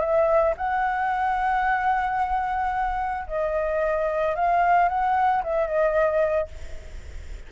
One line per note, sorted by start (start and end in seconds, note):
0.00 0.54 E5
0.57 3.27 F#5
3.28 4.35 D#5
4.35 4.88 F5
4.88 5.43 F#5
5.43 5.67 E5
5.67 6.48 D#5